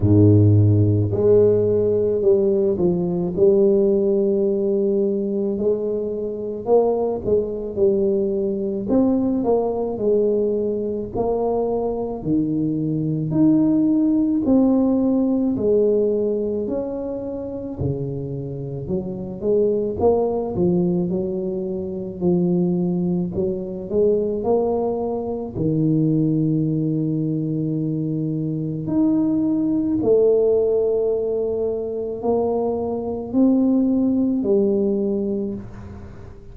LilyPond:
\new Staff \with { instrumentName = "tuba" } { \time 4/4 \tempo 4 = 54 gis,4 gis4 g8 f8 g4~ | g4 gis4 ais8 gis8 g4 | c'8 ais8 gis4 ais4 dis4 | dis'4 c'4 gis4 cis'4 |
cis4 fis8 gis8 ais8 f8 fis4 | f4 fis8 gis8 ais4 dis4~ | dis2 dis'4 a4~ | a4 ais4 c'4 g4 | }